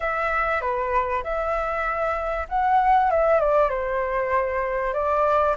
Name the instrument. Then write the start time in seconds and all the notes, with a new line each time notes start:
flute
0.00 E5
0.61 B4
1.23 E5
2.49 F#5
3.11 E5
3.40 D5
3.69 C5
4.93 D5